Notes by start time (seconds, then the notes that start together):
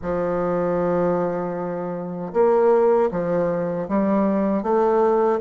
0.02 F3
2.33 A#3
3.11 F3
3.88 G3
4.62 A3